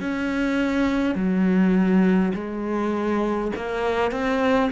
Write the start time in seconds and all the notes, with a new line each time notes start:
0.00 C#4
1.14 F#3
2.34 G#3
3.56 A#3
4.11 C4